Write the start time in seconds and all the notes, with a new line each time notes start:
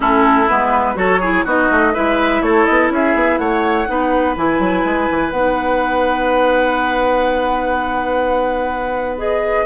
0.00 A3 C#4 E4 A4
0.48 G#3 B3 B4
0.95 F#3 F#4 A4 C#5
1.20 E4 G#4
1.44 B3 D#4 F#4 D#5
1.70 A3
1.93 G#3 E4 B4 E5
2.41 A3 A4 C#5
2.65 B3 D#5
2.90 C#4 G#4 E5
3.14 B3
3.37 A3 C#5 F#5
3.87 B3 D#4 B4
4.36 E3 E4 G#5
4.59 F#3
4.84 G#3
5.10 E3
5.30 B3 D#4 F#5
9.18 G#4 D#5